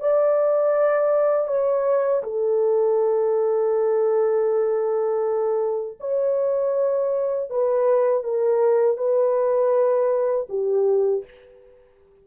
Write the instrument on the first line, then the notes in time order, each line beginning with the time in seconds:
horn
0.00 D5
1.48 C#5
2.23 A4
6.00 C#5
7.50 B4
8.23 A#4
8.97 B4
10.49 G4